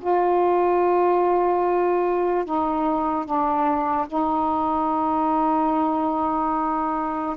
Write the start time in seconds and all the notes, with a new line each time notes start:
0.00 F4
2.45 D#4
3.25 D4
4.08 D#4